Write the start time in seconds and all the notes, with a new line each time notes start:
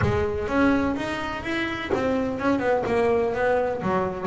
0.01 G#3
0.48 C#4
0.96 D#4
1.43 E4
1.94 C4
2.39 C#4
2.59 B3
2.86 A#3
3.34 B3
3.82 F#3